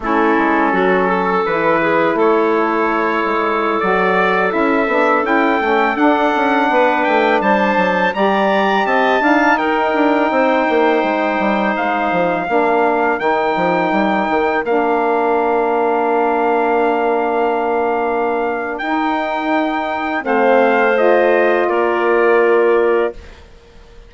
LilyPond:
<<
  \new Staff \with { instrumentName = "trumpet" } { \time 4/4 \tempo 4 = 83 a'2 b'4 cis''4~ | cis''4~ cis''16 d''4 e''4 g''8.~ | g''16 fis''4. g''8 a''4 ais''8.~ | ais''16 a''4 g''2~ g''8.~ |
g''16 f''2 g''4.~ g''16~ | g''16 f''2.~ f''8.~ | f''2 g''2 | f''4 dis''4 d''2 | }
  \new Staff \with { instrumentName = "clarinet" } { \time 4/4 e'4 fis'8 a'4 gis'8 a'4~ | a'1~ | a'4~ a'16 b'4 c''4 d''8.~ | d''16 dis''8 f''8 ais'4 c''4.~ c''16~ |
c''4~ c''16 ais'2~ ais'8.~ | ais'1~ | ais'1 | c''2 ais'2 | }
  \new Staff \with { instrumentName = "saxophone" } { \time 4/4 cis'2 e'2~ | e'4~ e'16 fis'4 e'8 d'8 e'8 cis'16~ | cis'16 d'2. g'8.~ | g'8. dis'2.~ dis'16~ |
dis'4~ dis'16 d'4 dis'4.~ dis'16~ | dis'16 d'2.~ d'8.~ | d'2 dis'2 | c'4 f'2. | }
  \new Staff \with { instrumentName = "bassoon" } { \time 4/4 a8 gis8 fis4 e4 a4~ | a8 gis8. fis4 cis'8 b8 cis'8 a16~ | a16 d'8 cis'8 b8 a8 g8 fis8 g8.~ | g16 c'8 d'8 dis'8 d'8 c'8 ais8 gis8 g16~ |
g16 gis8 f8 ais4 dis8 f8 g8 dis16~ | dis16 ais2.~ ais8.~ | ais2 dis'2 | a2 ais2 | }
>>